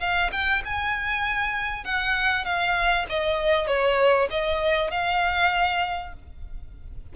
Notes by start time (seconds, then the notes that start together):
0.00 F5
0.32 G5
0.65 G#5
1.85 F#5
2.45 F5
3.09 D#5
3.68 C#5
4.31 D#5
4.91 F5